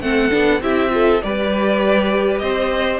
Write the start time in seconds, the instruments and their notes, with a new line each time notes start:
0.00 cello A3, viola C4, violin A4 F#5
0.31 cello B3, viola D4
0.61 cello C4, viola E4, violin G4 E5
0.89 viola F4, violin A4
1.22 cello G3, viola G4, violin B4 D5
2.38 cello C4, violin C5 D#5